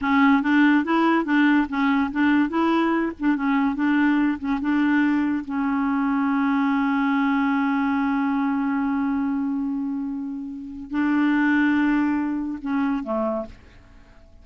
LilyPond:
\new Staff \with { instrumentName = "clarinet" } { \time 4/4 \tempo 4 = 143 cis'4 d'4 e'4 d'4 | cis'4 d'4 e'4. d'8 | cis'4 d'4. cis'8 d'4~ | d'4 cis'2.~ |
cis'1~ | cis'1~ | cis'2 d'2~ | d'2 cis'4 a4 | }